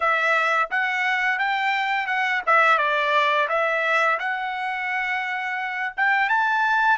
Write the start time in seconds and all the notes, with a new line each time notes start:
0.00 E5
0.70 F#5
1.39 G5
2.06 F#5
2.46 E5
2.78 D5
3.48 E5
4.19 F#5
5.97 G5
6.29 A5